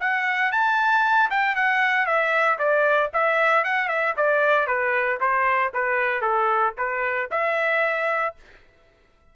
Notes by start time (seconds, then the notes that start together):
0.00 F#5
0.52 A5
1.30 G5
1.55 F#5
2.06 E5
2.58 D5
3.14 E5
3.64 F#5
3.88 E5
4.16 D5
4.67 B4
5.20 C5
5.73 B4
6.22 A4
6.77 B4
7.31 E5